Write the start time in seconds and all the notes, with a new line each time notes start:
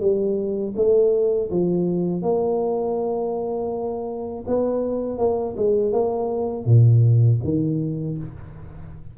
0.00 G3
0.76 A3
1.51 F3
2.22 A#3
4.47 B3
5.18 A#3
5.57 G#3
5.92 A#3
6.65 A#2
7.44 D#3